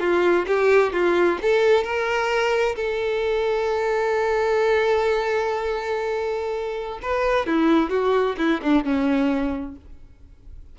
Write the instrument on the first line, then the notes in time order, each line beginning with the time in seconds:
violin
0.00 F4
0.47 G4
0.93 F4
1.42 A4
1.84 A#4
2.76 A4
7.02 B4
7.47 E4
7.90 F#4
8.38 E4
8.63 D4
8.84 C#4